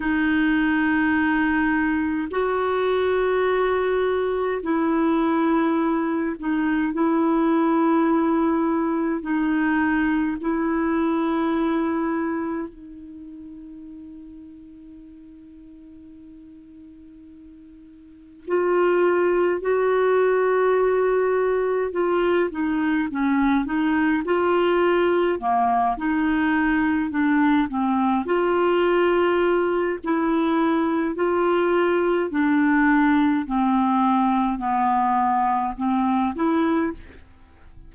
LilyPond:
\new Staff \with { instrumentName = "clarinet" } { \time 4/4 \tempo 4 = 52 dis'2 fis'2 | e'4. dis'8 e'2 | dis'4 e'2 dis'4~ | dis'1 |
f'4 fis'2 f'8 dis'8 | cis'8 dis'8 f'4 ais8 dis'4 d'8 | c'8 f'4. e'4 f'4 | d'4 c'4 b4 c'8 e'8 | }